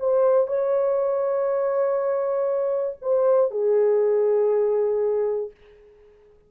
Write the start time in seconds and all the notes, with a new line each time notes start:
0.00 C5
0.47 C#5
3.02 C5
3.51 G#4